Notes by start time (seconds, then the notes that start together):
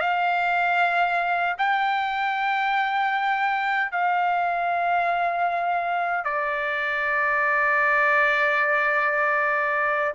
0.00 F5
1.58 G5
3.91 F5
6.24 D5